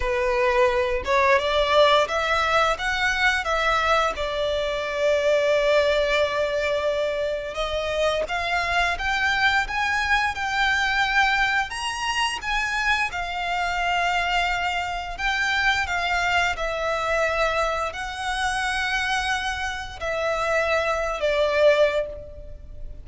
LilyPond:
\new Staff \with { instrumentName = "violin" } { \time 4/4 \tempo 4 = 87 b'4. cis''8 d''4 e''4 | fis''4 e''4 d''2~ | d''2. dis''4 | f''4 g''4 gis''4 g''4~ |
g''4 ais''4 gis''4 f''4~ | f''2 g''4 f''4 | e''2 fis''2~ | fis''4 e''4.~ e''16 d''4~ d''16 | }